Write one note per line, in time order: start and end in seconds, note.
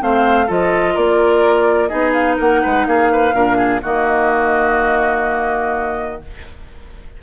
0.00 0.50 A3
0.00 0.48 C4
0.00 0.47 C5
0.00 0.51 F5
0.47 0.97 F3
0.47 1.90 F4
0.47 0.95 A4
0.47 0.97 D#5
0.95 1.92 A#3
0.95 1.89 A#4
0.95 1.88 D5
1.88 2.40 B3
1.88 3.32 D#4
1.88 2.37 G#4
1.88 2.12 D#5
2.13 2.37 F5
2.37 2.64 A#3
2.37 2.61 A#4
2.37 2.87 F#5
2.63 2.87 G#3
2.63 2.87 B4
2.87 3.34 A#3
2.87 3.12 G#4
2.87 3.83 F5
3.12 3.35 B4
3.34 3.82 A#2
3.34 3.81 D4
3.34 3.57 A#4
3.57 3.81 G#4
3.82 6.23 D#3
3.82 6.22 A#3
3.82 6.21 F#4
3.82 6.22 D#5